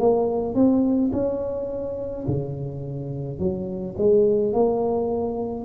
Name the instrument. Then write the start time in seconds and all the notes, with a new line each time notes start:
tuba
0.00 A#3
0.55 C4
1.13 C#4
2.28 C#3
3.40 F#3
3.98 G#3
4.53 A#3